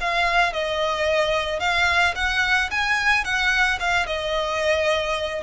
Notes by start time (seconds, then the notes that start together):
0.00 F5
0.52 D#5
1.59 F5
2.15 F#5
2.70 G#5
3.24 F#5
3.79 F5
4.06 D#5